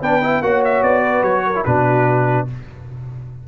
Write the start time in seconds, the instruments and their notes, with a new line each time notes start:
0.00 tuba B3, trombone D4, horn B4, trumpet G5
0.22 trombone E4
0.41 tuba A#3, trombone F#4, horn C#5, trumpet F#5
0.64 trumpet E5
0.82 tuba B3, trumpet D5
1.02 horn B4
1.22 tuba F#3, trumpet C#5
1.46 horn A#4
1.55 trombone E4
1.65 tuba B2, trombone D4, horn F#4, trumpet B4